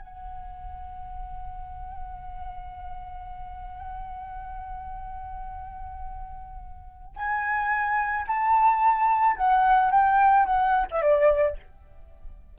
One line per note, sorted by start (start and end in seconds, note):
0.00 7.16 F#5
7.16 8.26 G#5
8.27 9.37 A5
9.37 9.91 F#5
9.91 10.46 G5
10.46 10.87 F#5
10.91 11.02 E5
11.02 11.57 D5